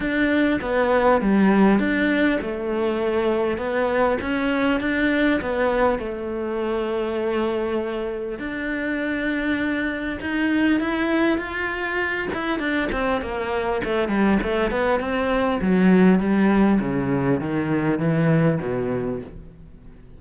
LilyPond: \new Staff \with { instrumentName = "cello" } { \time 4/4 \tempo 4 = 100 d'4 b4 g4 d'4 | a2 b4 cis'4 | d'4 b4 a2~ | a2 d'2~ |
d'4 dis'4 e'4 f'4~ | f'8 e'8 d'8 c'8 ais4 a8 g8 | a8 b8 c'4 fis4 g4 | cis4 dis4 e4 b,4 | }